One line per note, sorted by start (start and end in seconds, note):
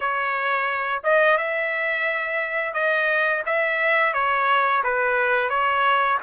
0.00 1.02 C#5
1.03 1.37 D#5
1.37 2.73 E5
2.73 3.42 D#5
3.46 4.13 E5
4.13 4.82 C#5
4.83 5.49 B4
5.49 6.18 C#5